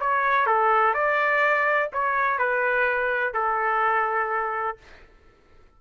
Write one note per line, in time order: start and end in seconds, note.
0.00 0.46 C#5
0.46 0.94 A4
0.94 1.90 D5
1.93 2.38 C#5
2.38 3.33 B4
3.33 4.77 A4